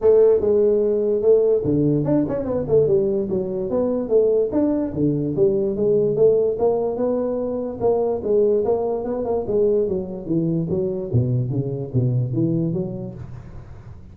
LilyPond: \new Staff \with { instrumentName = "tuba" } { \time 4/4 \tempo 4 = 146 a4 gis2 a4 | d4 d'8 cis'8 b8 a8 g4 | fis4 b4 a4 d'4 | d4 g4 gis4 a4 |
ais4 b2 ais4 | gis4 ais4 b8 ais8 gis4 | fis4 e4 fis4 b,4 | cis4 b,4 e4 fis4 | }